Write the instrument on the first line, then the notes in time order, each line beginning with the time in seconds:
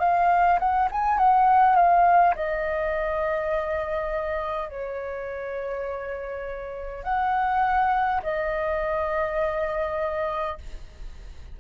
flute
0.00 F5
0.59 F#5
0.91 G#5
1.18 F#5
1.76 F5
2.35 D#5
4.69 C#5
7.04 F#5
8.23 D#5